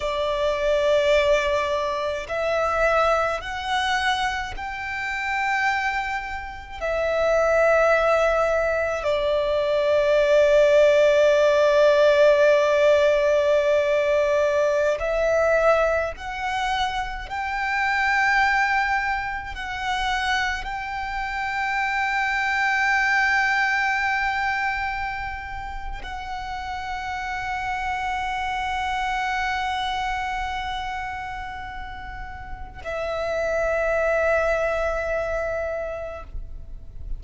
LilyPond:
\new Staff \with { instrumentName = "violin" } { \time 4/4 \tempo 4 = 53 d''2 e''4 fis''4 | g''2 e''2 | d''1~ | d''4~ d''16 e''4 fis''4 g''8.~ |
g''4~ g''16 fis''4 g''4.~ g''16~ | g''2. fis''4~ | fis''1~ | fis''4 e''2. | }